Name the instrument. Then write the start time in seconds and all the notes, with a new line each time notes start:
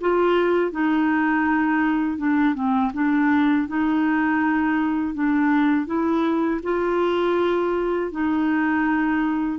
clarinet
0.00 F4
0.71 D#4
2.18 D4
2.54 C4
2.93 D4
3.68 D#4
5.14 D4
5.86 E4
6.63 F4
8.11 D#4